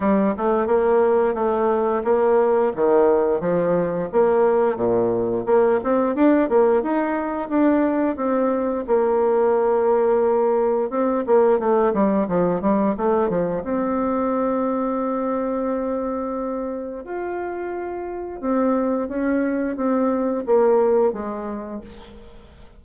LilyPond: \new Staff \with { instrumentName = "bassoon" } { \time 4/4 \tempo 4 = 88 g8 a8 ais4 a4 ais4 | dis4 f4 ais4 ais,4 | ais8 c'8 d'8 ais8 dis'4 d'4 | c'4 ais2. |
c'8 ais8 a8 g8 f8 g8 a8 f8 | c'1~ | c'4 f'2 c'4 | cis'4 c'4 ais4 gis4 | }